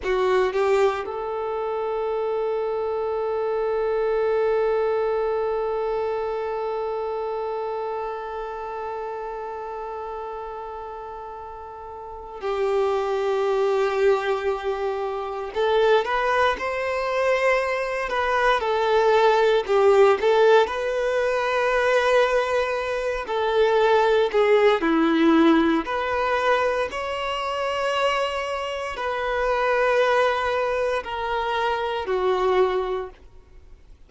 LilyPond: \new Staff \with { instrumentName = "violin" } { \time 4/4 \tempo 4 = 58 fis'8 g'8 a'2.~ | a'1~ | a'1 | g'2. a'8 b'8 |
c''4. b'8 a'4 g'8 a'8 | b'2~ b'8 a'4 gis'8 | e'4 b'4 cis''2 | b'2 ais'4 fis'4 | }